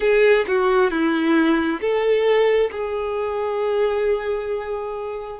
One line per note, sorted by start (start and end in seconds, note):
0.00 0.45 G#4
0.47 0.90 F#4
0.90 1.80 E4
1.81 2.70 A4
2.71 5.39 G#4